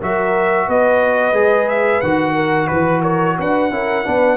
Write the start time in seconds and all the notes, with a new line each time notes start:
0.00 F#3 F#4 A#4 E5
0.68 B3 B4 D#5
1.33 G#3 G#4
1.69 E5
2.01 D#3 F#4 F#5
2.35 A#4
2.68 E3 B4
3.02 A#4 C#5
3.38 D4 B4 F#5
3.71 C#4 E4 A#4
4.05 B3 D4 B4